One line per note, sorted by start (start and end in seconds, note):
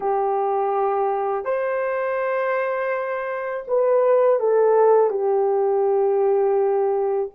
0.00 1.44 G4
1.44 3.64 C5
3.67 4.39 B4
4.39 5.10 A4
5.10 7.29 G4